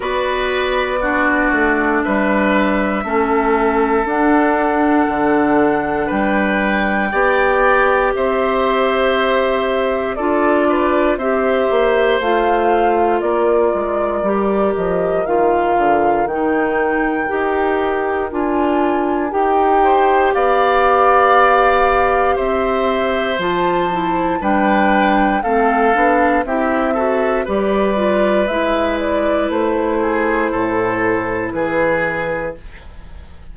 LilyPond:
<<
  \new Staff \with { instrumentName = "flute" } { \time 4/4 \tempo 4 = 59 d''2 e''2 | fis''2 g''2 | e''2 d''4 e''4 | f''4 d''4. dis''8 f''4 |
g''2 gis''4 g''4 | f''2 e''4 a''4 | g''4 f''4 e''4 d''4 | e''8 d''8 c''2 b'4 | }
  \new Staff \with { instrumentName = "oboe" } { \time 4/4 b'4 fis'4 b'4 a'4~ | a'2 b'4 d''4 | c''2 a'8 b'8 c''4~ | c''4 ais'2.~ |
ais'2.~ ais'8 c''8 | d''2 c''2 | b'4 a'4 g'8 a'8 b'4~ | b'4. gis'8 a'4 gis'4 | }
  \new Staff \with { instrumentName = "clarinet" } { \time 4/4 fis'4 d'2 cis'4 | d'2. g'4~ | g'2 f'4 g'4 | f'2 g'4 f'4 |
dis'4 g'4 f'4 g'4~ | g'2. f'8 e'8 | d'4 c'8 d'8 e'8 fis'8 g'8 f'8 | e'1 | }
  \new Staff \with { instrumentName = "bassoon" } { \time 4/4 b4. a8 g4 a4 | d'4 d4 g4 b4 | c'2 d'4 c'8 ais8 | a4 ais8 gis8 g8 f8 dis8 d8 |
dis4 dis'4 d'4 dis'4 | b2 c'4 f4 | g4 a8 b8 c'4 g4 | gis4 a4 a,4 e4 | }
>>